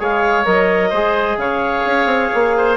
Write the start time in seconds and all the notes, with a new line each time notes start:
0.00 G#3 G#4 C#5 F5
0.45 F#3 A#4 D#5
0.90 G#3 G#4 C5
1.37 C#3 C#5 F5
1.86 C#4
2.06 C4
2.34 A#3
2.57 C5